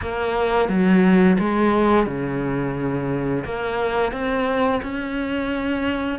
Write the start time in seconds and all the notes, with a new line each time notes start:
0.01 A#3
0.68 F#3
1.39 G#3
2.06 C#3
3.45 A#3
4.12 C4
4.82 C#4